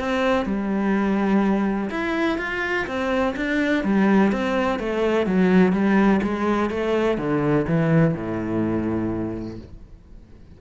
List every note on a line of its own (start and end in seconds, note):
0.00 0.46 C4
0.46 1.90 G3
1.91 2.39 E4
2.39 2.87 F4
2.87 3.35 C4
3.37 3.84 D4
3.84 4.32 G3
4.32 4.80 C4
4.80 5.27 A3
5.27 5.73 F#3
5.73 6.21 G3
6.23 6.70 G#3
6.70 7.18 A3
7.18 7.66 D3
7.68 8.15 E3
8.15 9.59 A2